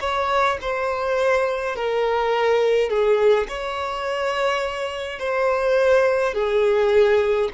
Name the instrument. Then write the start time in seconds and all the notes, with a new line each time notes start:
violin
0.00 C#5
0.61 C5
1.76 A#4
2.90 G#4
3.48 C#5
5.19 C5
6.34 G#4